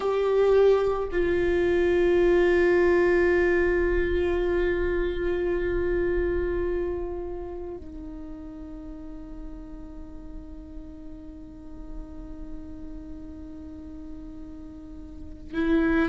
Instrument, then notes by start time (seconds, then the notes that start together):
viola
0.00 G4
1.11 F4
7.77 D#4
15.54 E4